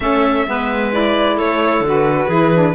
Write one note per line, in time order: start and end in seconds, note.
0.00 0.46 A3
0.00 0.47 C#4
0.00 0.47 A4
0.00 0.91 E5
0.47 1.39 G#3
0.47 0.92 B3
0.47 1.36 B4
0.92 1.84 E4
0.92 1.38 D5
1.36 1.80 A3
1.36 2.27 A4
1.36 1.84 C#5
1.80 2.26 D3
1.80 2.30 F#4
1.88 2.75 B4
2.27 2.75 E3
2.27 2.53 E4
2.27 2.73 G#4
2.54 2.75 D4